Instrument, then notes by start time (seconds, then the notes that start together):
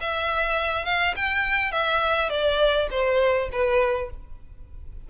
violin
0.00 E5
0.85 F5
1.15 G5
1.71 E5
2.30 D5
2.91 C5
3.52 B4